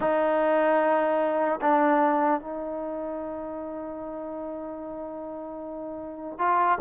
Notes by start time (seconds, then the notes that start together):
0.00 D#4
1.61 D4
2.40 D#4
6.38 F4